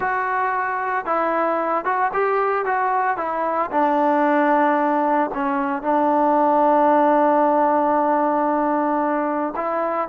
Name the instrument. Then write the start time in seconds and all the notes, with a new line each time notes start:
trombone
0.00 F#4
1.05 E4
1.84 F#4
2.13 G4
2.65 F#4
3.17 E4
3.71 D4
5.33 C#4
5.82 D4
9.56 E4